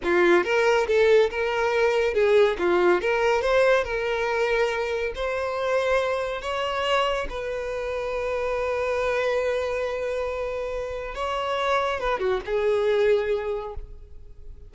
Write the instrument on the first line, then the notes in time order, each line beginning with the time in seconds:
violin
0.03 F4
0.43 A#4
0.87 A4
1.30 A#4
2.14 G#4
2.58 F4
3.01 A#4
3.41 C5
3.84 A#4
5.15 C5
6.41 C#5
7.29 B4
11.14 C#5
12.00 B4
12.19 F#4
12.45 G#4